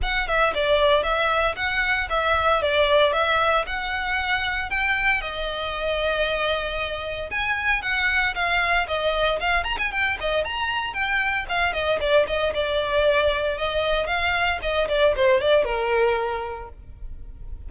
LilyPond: \new Staff \with { instrumentName = "violin" } { \time 4/4 \tempo 4 = 115 fis''8 e''8 d''4 e''4 fis''4 | e''4 d''4 e''4 fis''4~ | fis''4 g''4 dis''2~ | dis''2 gis''4 fis''4 |
f''4 dis''4 f''8 ais''16 gis''16 g''8 dis''8 | ais''4 g''4 f''8 dis''8 d''8 dis''8 | d''2 dis''4 f''4 | dis''8 d''8 c''8 d''8 ais'2 | }